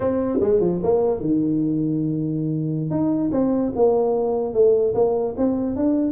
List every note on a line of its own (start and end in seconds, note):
0.00 0.38 C4
0.40 0.60 G#3
0.60 0.80 F3
0.83 1.20 A#3
1.20 2.90 D#3
2.90 3.30 D#4
3.31 3.72 C4
3.75 4.53 A#3
4.53 4.94 A3
4.94 5.34 A#3
5.37 5.75 C4
5.75 6.11 D4